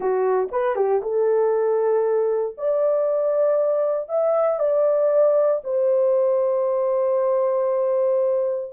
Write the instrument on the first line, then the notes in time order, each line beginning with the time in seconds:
horn
0.00 F#4
0.51 B4
0.75 G4
1.02 A4
2.57 D5
4.08 E5
4.59 D5
5.64 C5